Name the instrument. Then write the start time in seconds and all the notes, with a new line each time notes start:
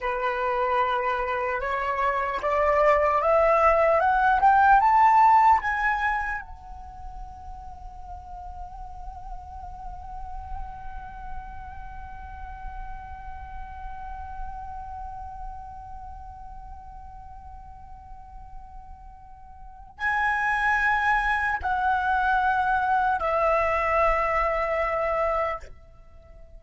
flute
0.00 B4
1.60 C#5
2.42 D5
3.21 E5
4.00 F#5
4.40 G5
4.80 A5
5.61 G#5
6.41 F#5
19.97 G#5
21.62 F#5
23.19 E5